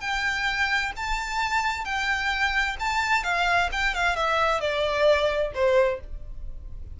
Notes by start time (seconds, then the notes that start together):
0.00 G5
0.96 A5
1.84 G5
2.79 A5
3.23 F5
3.71 G5
3.94 F5
4.16 E5
4.60 D5
5.54 C5